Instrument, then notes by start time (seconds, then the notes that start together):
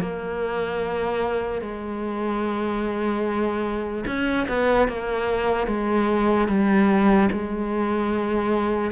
cello
0.00 A#3
1.61 G#3
4.07 C#4
4.48 B3
4.88 A#3
5.67 G#3
6.48 G3
7.32 G#3